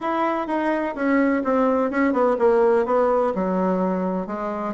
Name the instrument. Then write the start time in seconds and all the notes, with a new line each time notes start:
bassoon
0.01 E4
0.47 D#4
0.95 C#4
1.44 C4
1.90 C#4
2.12 B3
2.38 A#3
2.85 B3
3.34 F#3
4.26 G#3